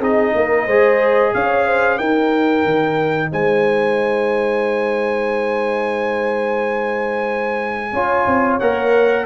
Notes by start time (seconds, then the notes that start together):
0.00 C4 D#4 G#4 D#5
0.35 A#3 A#4
0.67 G#3 G#4 C5
1.34 C#4 C#5 F5
1.67 C5
1.98 D#4 A#4 G5
2.65 D#3
3.32 G#3 C5 G#5
7.93 C#4 F4 C#5
8.27 C4
8.60 A#3 A#4 F#5